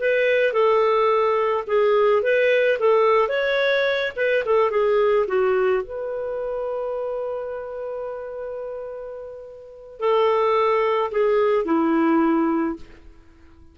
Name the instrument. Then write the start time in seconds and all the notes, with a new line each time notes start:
clarinet
0.00 B4
0.53 A4
1.67 G#4
2.23 B4
2.80 A4
3.29 C#5
4.16 B4
4.45 A4
4.70 G#4
5.28 F#4
5.83 B4
10.00 A4
11.12 G#4
11.65 E4